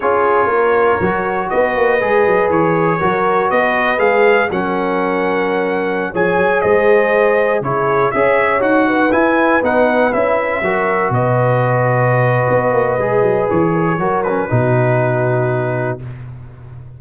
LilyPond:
<<
  \new Staff \with { instrumentName = "trumpet" } { \time 4/4 \tempo 4 = 120 cis''2. dis''4~ | dis''4 cis''2 dis''4 | f''4 fis''2.~ | fis''16 gis''4 dis''2 cis''8.~ |
cis''16 e''4 fis''4 gis''4 fis''8.~ | fis''16 e''2 dis''4.~ dis''16~ | dis''2. cis''4~ | cis''8 b'2.~ b'8 | }
  \new Staff \with { instrumentName = "horn" } { \time 4/4 gis'4 ais'2 b'4~ | b'2 ais'4 b'4~ | b'4 ais'2.~ | ais'16 cis''4 c''2 gis'8.~ |
gis'16 cis''4. b'2~ b'16~ | b'4~ b'16 ais'4 b'4.~ b'16~ | b'2.~ b'8 ais'16 gis'16 | ais'4 fis'2. | }
  \new Staff \with { instrumentName = "trombone" } { \time 4/4 f'2 fis'2 | gis'2 fis'2 | gis'4 cis'2.~ | cis'16 gis'2. e'8.~ |
e'16 gis'4 fis'4 e'4 dis'8.~ | dis'16 e'4 fis'2~ fis'8.~ | fis'2 gis'2 | fis'8 cis'8 dis'2. | }
  \new Staff \with { instrumentName = "tuba" } { \time 4/4 cis'4 ais4 fis4 b8 ais8 | gis8 fis8 e4 fis4 b4 | gis4 fis2.~ | fis16 f8 fis8 gis2 cis8.~ |
cis16 cis'4 dis'4 e'4 b8.~ | b16 cis'4 fis4 b,4.~ b,16~ | b,4 b8 ais8 gis8 fis8 e4 | fis4 b,2. | }
>>